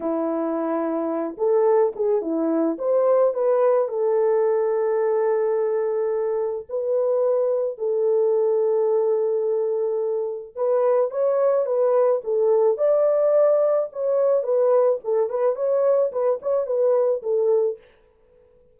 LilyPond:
\new Staff \with { instrumentName = "horn" } { \time 4/4 \tempo 4 = 108 e'2~ e'8 a'4 gis'8 | e'4 c''4 b'4 a'4~ | a'1 | b'2 a'2~ |
a'2. b'4 | cis''4 b'4 a'4 d''4~ | d''4 cis''4 b'4 a'8 b'8 | cis''4 b'8 cis''8 b'4 a'4 | }